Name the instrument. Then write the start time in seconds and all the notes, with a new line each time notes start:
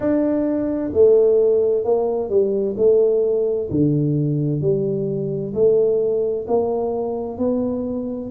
tuba
0.00 D4
0.93 A3
1.84 A#3
2.29 G3
2.77 A3
3.70 D3
4.61 G3
5.53 A3
6.47 A#3
7.38 B3